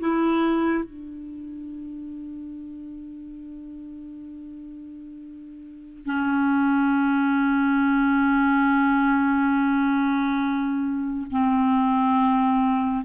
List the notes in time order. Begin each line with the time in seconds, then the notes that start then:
0.00 E4
0.84 D4
6.06 C#4
11.31 C4